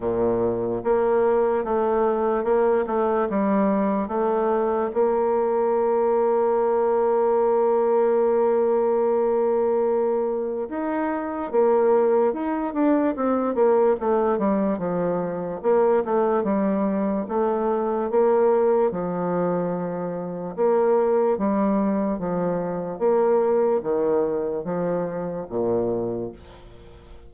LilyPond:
\new Staff \with { instrumentName = "bassoon" } { \time 4/4 \tempo 4 = 73 ais,4 ais4 a4 ais8 a8 | g4 a4 ais2~ | ais1~ | ais4 dis'4 ais4 dis'8 d'8 |
c'8 ais8 a8 g8 f4 ais8 a8 | g4 a4 ais4 f4~ | f4 ais4 g4 f4 | ais4 dis4 f4 ais,4 | }